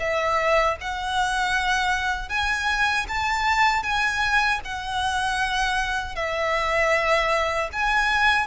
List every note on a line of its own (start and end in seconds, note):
0.00 0.77 E5
0.81 2.29 F#5
2.29 3.06 G#5
3.09 3.84 A5
3.84 4.60 G#5
4.65 6.16 F#5
6.16 7.70 E5
7.73 8.47 G#5